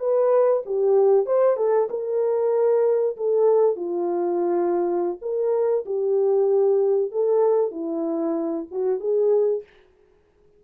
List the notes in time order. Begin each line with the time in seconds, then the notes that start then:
0.00 B4
0.66 G4
1.26 C5
1.57 A4
1.90 A#4
3.17 A4
3.76 F4
5.22 A#4
5.86 G4
7.12 A4
7.72 E4
8.71 F#4
9.00 G#4